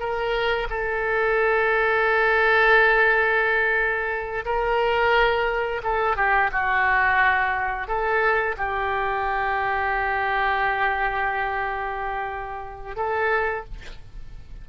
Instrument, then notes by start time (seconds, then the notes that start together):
oboe
0.00 A#4
0.70 A4
4.46 A#4
5.84 A4
6.17 G4
6.52 F#4
7.88 A4
8.58 G4
12.97 A4